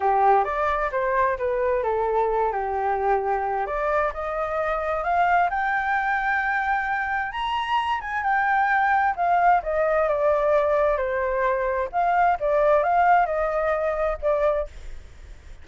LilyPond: \new Staff \with { instrumentName = "flute" } { \time 4/4 \tempo 4 = 131 g'4 d''4 c''4 b'4 | a'4. g'2~ g'8 | d''4 dis''2 f''4 | g''1 |
ais''4. gis''8 g''2 | f''4 dis''4 d''2 | c''2 f''4 d''4 | f''4 dis''2 d''4 | }